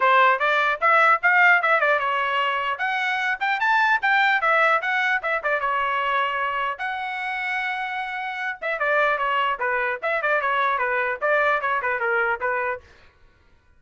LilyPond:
\new Staff \with { instrumentName = "trumpet" } { \time 4/4 \tempo 4 = 150 c''4 d''4 e''4 f''4 | e''8 d''8 cis''2 fis''4~ | fis''8 g''8 a''4 g''4 e''4 | fis''4 e''8 d''8 cis''2~ |
cis''4 fis''2.~ | fis''4. e''8 d''4 cis''4 | b'4 e''8 d''8 cis''4 b'4 | d''4 cis''8 b'8 ais'4 b'4 | }